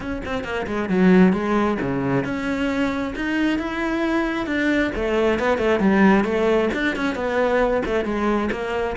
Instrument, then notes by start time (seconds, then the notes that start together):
cello
0.00 C#4
0.25 C4
0.44 A#3
0.66 G#3
0.89 F#3
1.32 G#3
1.81 C#3
2.24 C#4
3.15 D#4
3.58 E4
4.46 D4
4.95 A3
5.39 B3
5.57 A3
5.79 G3
6.24 A3
6.73 D4
6.95 C#4
7.15 B3
7.85 A3
8.04 G#3
8.51 A#3